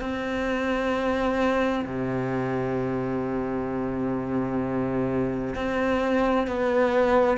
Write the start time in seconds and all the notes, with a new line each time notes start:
0.00 C4
1.85 C3
5.55 C4
6.47 B3